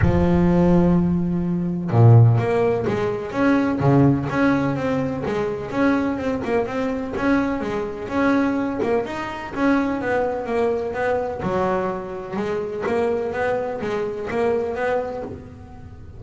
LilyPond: \new Staff \with { instrumentName = "double bass" } { \time 4/4 \tempo 4 = 126 f1 | ais,4 ais4 gis4 cis'4 | cis4 cis'4 c'4 gis4 | cis'4 c'8 ais8 c'4 cis'4 |
gis4 cis'4. ais8 dis'4 | cis'4 b4 ais4 b4 | fis2 gis4 ais4 | b4 gis4 ais4 b4 | }